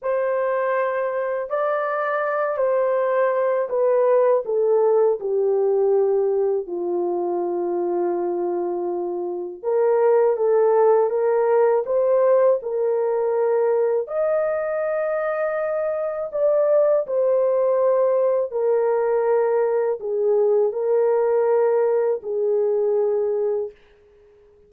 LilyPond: \new Staff \with { instrumentName = "horn" } { \time 4/4 \tempo 4 = 81 c''2 d''4. c''8~ | c''4 b'4 a'4 g'4~ | g'4 f'2.~ | f'4 ais'4 a'4 ais'4 |
c''4 ais'2 dis''4~ | dis''2 d''4 c''4~ | c''4 ais'2 gis'4 | ais'2 gis'2 | }